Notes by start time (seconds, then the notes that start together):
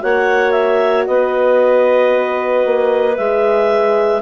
0.00 A#3 F#4 C#5 F#5
0.52 E5
1.07 B3 B4 D#5
2.66 A#3
3.17 G#3 G#4 E5